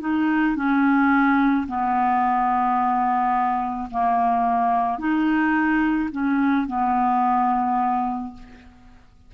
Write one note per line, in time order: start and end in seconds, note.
0.00 0.56 D#4
0.56 1.67 C#4
1.67 3.89 B3
3.90 4.98 A#3
4.98 6.10 D#4
6.11 6.67 C#4
6.67 8.33 B3